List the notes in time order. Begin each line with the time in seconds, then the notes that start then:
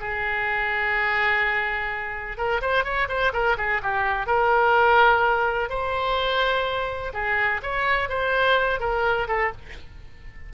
0.00 G#4
2.37 A#4
2.61 C5
2.84 C#5
3.08 C5
3.33 A#4
3.57 G#4
3.82 G4
4.26 A#4
5.69 C5
7.13 G#4
7.62 C#5
8.09 C5
8.80 A#4
9.28 A4